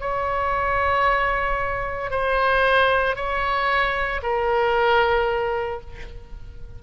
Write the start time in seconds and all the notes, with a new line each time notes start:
0.00 C#5
2.11 C5
3.16 C#5
4.22 A#4